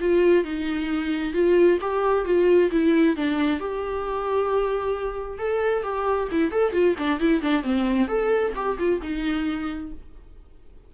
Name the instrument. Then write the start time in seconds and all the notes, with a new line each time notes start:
viola
0.00 F4
0.44 D#4
1.33 F4
1.81 G4
2.25 F4
2.71 E4
3.16 D4
3.59 G4
5.38 A4
5.83 G4
6.31 E4
6.51 A4
6.73 F4
6.98 D4
7.20 E4
7.42 D4
7.63 C4
8.08 A4
8.55 G4
8.78 F4
9.02 D#4